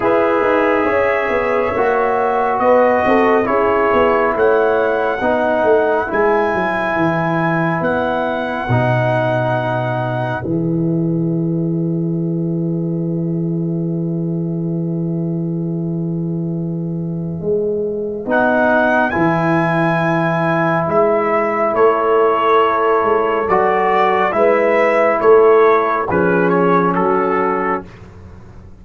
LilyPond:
<<
  \new Staff \with { instrumentName = "trumpet" } { \time 4/4 \tempo 4 = 69 e''2. dis''4 | cis''4 fis''2 gis''4~ | gis''4 fis''2. | e''1~ |
e''1~ | e''4 fis''4 gis''2 | e''4 cis''2 d''4 | e''4 cis''4 b'8 cis''8 a'4 | }
  \new Staff \with { instrumentName = "horn" } { \time 4/4 b'4 cis''2 b'8 a'8 | gis'4 cis''4 b'2~ | b'1~ | b'1~ |
b'1~ | b'1~ | b'4 a'2. | b'4 a'4 gis'4 fis'4 | }
  \new Staff \with { instrumentName = "trombone" } { \time 4/4 gis'2 fis'2 | e'2 dis'4 e'4~ | e'2 dis'2 | gis'1~ |
gis'1~ | gis'4 dis'4 e'2~ | e'2. fis'4 | e'2 cis'2 | }
  \new Staff \with { instrumentName = "tuba" } { \time 4/4 e'8 dis'8 cis'8 b8 ais4 b8 c'8 | cis'8 b8 a4 b8 a8 gis8 fis8 | e4 b4 b,2 | e1~ |
e1 | gis4 b4 e2 | gis4 a4. gis8 fis4 | gis4 a4 f4 fis4 | }
>>